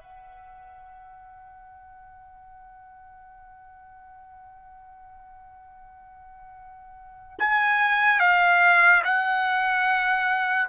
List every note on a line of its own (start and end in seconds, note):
0.00 7.39 F#5
7.39 8.20 G#5
8.20 9.02 F5
9.04 10.68 F#5